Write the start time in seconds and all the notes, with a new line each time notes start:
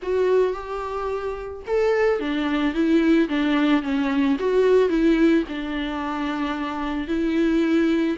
0.02 F#4
0.53 G4
1.66 A4
2.19 D4
2.74 E4
3.29 D4
3.82 C#4
4.39 F#4
4.89 E4
5.48 D4
7.07 E4